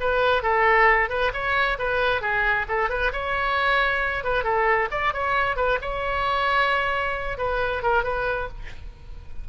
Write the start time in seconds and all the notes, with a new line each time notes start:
0.00 B4
0.42 A4
1.09 B4
1.33 C#5
1.79 B4
2.21 G#4
2.68 A4
2.89 B4
3.12 C#5
4.24 B4
4.44 A4
4.91 D5
5.13 C#5
5.56 B4
5.81 C#5
7.38 B4
7.82 A#4
8.03 B4